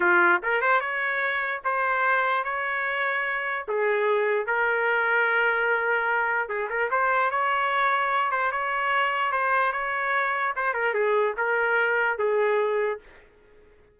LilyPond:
\new Staff \with { instrumentName = "trumpet" } { \time 4/4 \tempo 4 = 148 f'4 ais'8 c''8 cis''2 | c''2 cis''2~ | cis''4 gis'2 ais'4~ | ais'1 |
gis'8 ais'8 c''4 cis''2~ | cis''8 c''8 cis''2 c''4 | cis''2 c''8 ais'8 gis'4 | ais'2 gis'2 | }